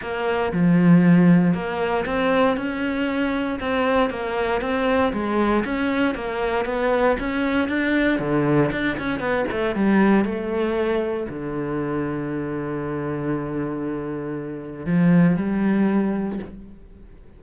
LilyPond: \new Staff \with { instrumentName = "cello" } { \time 4/4 \tempo 4 = 117 ais4 f2 ais4 | c'4 cis'2 c'4 | ais4 c'4 gis4 cis'4 | ais4 b4 cis'4 d'4 |
d4 d'8 cis'8 b8 a8 g4 | a2 d2~ | d1~ | d4 f4 g2 | }